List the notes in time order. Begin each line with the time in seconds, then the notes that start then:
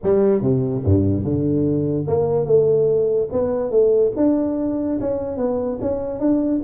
0.03 G3
0.41 C3
0.84 G2
1.23 D3
2.07 A#3
2.45 A3
3.32 B3
3.70 A3
4.16 D4
5.00 C#4
5.37 B3
5.81 C#4
6.19 D4